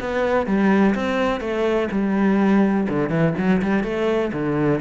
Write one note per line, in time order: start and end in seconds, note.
0.00 0.46 B3
0.46 0.94 G3
0.95 1.40 C4
1.40 1.88 A3
1.92 2.88 G3
2.89 3.10 D3
3.10 3.34 E3
3.38 3.62 F#3
3.62 3.84 G3
3.84 4.32 A3
4.33 4.81 D3